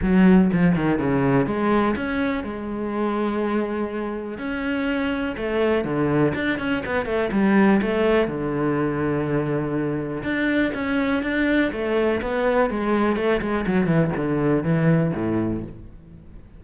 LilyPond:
\new Staff \with { instrumentName = "cello" } { \time 4/4 \tempo 4 = 123 fis4 f8 dis8 cis4 gis4 | cis'4 gis2.~ | gis4 cis'2 a4 | d4 d'8 cis'8 b8 a8 g4 |
a4 d2.~ | d4 d'4 cis'4 d'4 | a4 b4 gis4 a8 gis8 | fis8 e8 d4 e4 a,4 | }